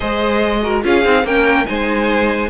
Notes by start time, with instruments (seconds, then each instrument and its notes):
0.00 cello G#3, viola G#4, violin C5 D#5
0.61 viola F#4, violin A#4
0.82 cello C#4, viola F4, violin G#4 F5
1.03 cello C4, viola D#4
1.24 cello A#3, viola C#4, violin A#4 G5
1.65 cello G#3, viola D#4, violin C5 G#5